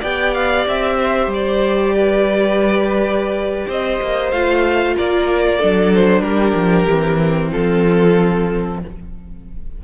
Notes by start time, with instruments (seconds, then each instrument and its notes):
0.00 cello B3, viola G4, violin D5 G5
0.34 violin F5
0.67 cello C4, violin E5
0.98 violin C5
1.26 cello G3
1.33 violin D5
1.95 violin B4
3.67 cello C4, violin C5 D#5
4.01 cello A#3
4.31 cello A3, viola F4, violin F5
4.95 cello A#3, violin A#4 D5
5.58 cello F#3, viola D4, violin A4
5.94 violin C5
6.21 cello G3, violin G4 A#4
6.54 cello F3
6.88 cello E3, viola C4
7.50 cello F3, violin F4 A4